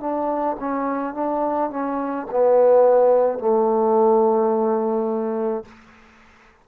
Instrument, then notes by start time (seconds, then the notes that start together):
trombone
0.00 D4
0.59 C#4
1.14 D4
1.70 C#4
2.31 B3
3.39 A3